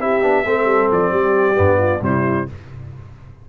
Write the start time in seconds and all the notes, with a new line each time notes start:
0.00 C4 E4 G4 E5
0.22 B3 D4
0.45 A3 C4 A4
0.65 G3
0.91 F3 D5
1.11 G3 G4
1.55 G2 B3
1.78 F4
2.01 C3 G3 E4 C5